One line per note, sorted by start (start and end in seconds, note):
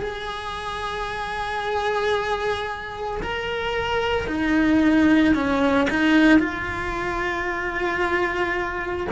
0.00 3.21 G#4
3.23 4.28 A#4
4.28 5.35 D#4
5.35 5.88 C#4
5.90 6.40 D#4
6.40 9.08 F4